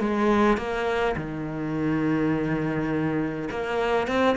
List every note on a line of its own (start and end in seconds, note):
0.00 0.57 G#3
0.57 1.16 A#3
1.16 3.49 D#3
3.51 4.08 A#3
4.08 4.37 C4